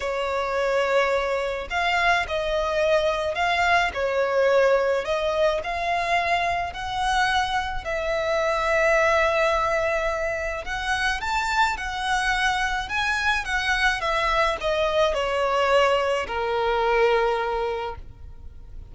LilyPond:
\new Staff \with { instrumentName = "violin" } { \time 4/4 \tempo 4 = 107 cis''2. f''4 | dis''2 f''4 cis''4~ | cis''4 dis''4 f''2 | fis''2 e''2~ |
e''2. fis''4 | a''4 fis''2 gis''4 | fis''4 e''4 dis''4 cis''4~ | cis''4 ais'2. | }